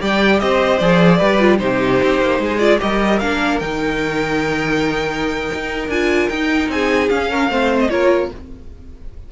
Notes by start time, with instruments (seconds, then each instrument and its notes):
0.00 cello G3, viola G4, violin D5 G5
0.40 cello C4, violin C5 D#5
0.78 cello F3, viola G#4, violin D5
1.18 cello G3, viola G4, violin B4
1.40 viola F4
1.57 cello C3, viola D#4, violin G4 C5
2.02 cello C4
2.20 cello A#3
2.39 cello G#3, violin G#4
2.58 viola F4, violin D5
2.78 cello G3, viola G4, violin A#4 D#5
3.19 cello A#3, viola D4, violin F5
3.60 cello D#3, viola D#4, violin G5
5.53 cello D#4
5.88 cello D4, viola F4, violin G#5
6.29 cello D#4, viola D#4, violin G5
6.68 cello C4, violin G#4 G#5
7.09 viola C#4, cello C#4, violin F5
7.31 violin A#4
7.49 cello A3, viola C4, violin C5
7.79 violin D#5
7.89 cello A#3, viola F4, violin A#4 C#5